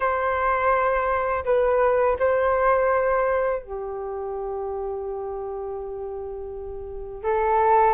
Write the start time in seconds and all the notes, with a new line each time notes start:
0.00 C5
1.45 B4
2.19 C5
3.62 G4
7.23 A4